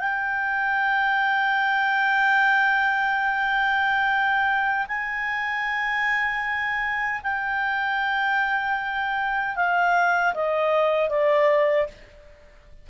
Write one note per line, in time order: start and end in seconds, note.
0.00 4.87 G5
4.88 7.22 G#5
7.23 9.56 G5
9.56 10.34 F5
10.35 11.10 D#5
11.10 11.88 D5